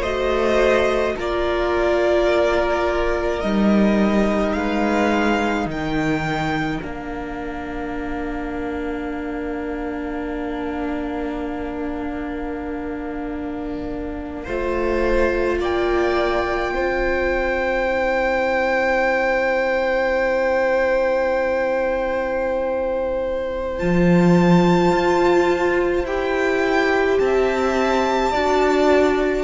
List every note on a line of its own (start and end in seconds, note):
0.00 1.15 A3
0.00 1.17 F#4
0.00 1.13 C5
0.00 1.16 D#5
1.16 3.43 A#3
1.16 3.42 F4
1.16 4.56 A#4
1.16 3.40 D5
3.40 4.55 G3
3.40 6.81 D#4
3.40 4.53 D#5
4.53 5.66 G#3
4.53 5.68 B4
4.53 5.66 F5
5.66 6.79 D#3
5.66 14.44 A#4
5.66 6.83 G5
6.82 14.47 A#3
6.82 14.46 D4
6.82 15.60 F5
14.44 15.60 A3
14.44 17.85 F4
14.44 15.57 C5
15.60 16.73 A#3
15.60 16.73 D5
15.60 23.79 G5
16.74 23.81 C4
16.74 27.22 C5
17.85 23.80 E4
23.79 24.92 F3
23.79 26.06 F4
23.79 26.05 A5
24.92 26.05 F4
26.05 27.18 E4
26.05 28.33 G4
26.05 27.19 G5
27.19 28.33 C4
27.19 28.31 E5
27.19 29.44 A5
28.31 29.44 D4
28.31 29.44 F#4
28.31 29.44 D5